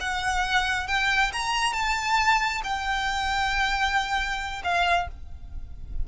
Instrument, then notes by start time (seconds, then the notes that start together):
violin
0.00 F#5
0.87 G5
1.32 A#5
1.73 A5
2.64 G5
4.63 F5